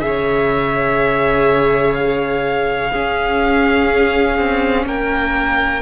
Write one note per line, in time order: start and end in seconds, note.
0.00 2.91 C#3
0.00 2.90 G#4
0.00 2.91 C#5
0.00 1.94 E5
1.94 4.84 F5
2.91 5.82 C#4
2.91 4.39 C#4
2.91 4.85 G#4
4.39 4.86 C4
4.86 5.82 A#3
4.86 5.82 A#4
4.86 5.82 G5